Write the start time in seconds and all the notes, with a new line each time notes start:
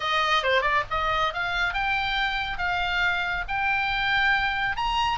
0.00 D#5
0.43 C5
0.61 D5
0.90 D#5
1.33 F5
1.73 G5
2.58 F5
3.47 G5
4.76 A#5